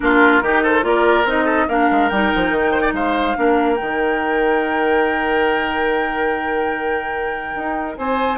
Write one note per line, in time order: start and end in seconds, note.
0.00 0.42 A#3
0.00 0.42 D4
0.00 0.43 F4
0.00 0.63 A#4
0.42 0.82 D#3
0.42 0.82 D#4
0.42 0.63 G4
0.63 0.84 A4
0.63 0.84 C5
0.82 1.24 A#3
0.82 1.24 F4
0.82 1.44 A#4
0.82 1.26 D5
1.24 1.66 C4
1.24 1.69 D#4
1.24 1.68 D#5
1.44 1.65 A4
1.68 1.89 A#3
1.68 2.11 D4
1.68 2.71 A#4
1.68 2.08 F5
1.91 2.10 G#3
2.08 2.31 G3
2.08 3.36 D#4
2.08 2.92 G5
2.35 2.50 F3
2.50 2.92 D#3
2.71 2.81 C5
2.81 2.92 D5
2.92 3.34 G#3
2.92 3.37 C5
2.92 3.75 F5
3.36 3.79 A#3
3.36 3.76 D4
3.36 7.98 A#4
3.75 7.55 D#3
3.75 8.37 D#4
3.75 7.94 G5
7.55 7.97 D#4
7.97 8.38 C4
7.97 8.38 C5
7.97 8.38 G#5